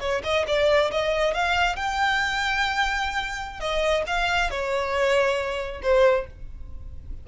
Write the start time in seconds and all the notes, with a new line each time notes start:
0.00 C#5
0.24 D#5
0.47 D5
0.91 D#5
1.34 F5
1.76 G5
3.60 D#5
4.07 F5
4.50 C#5
5.82 C5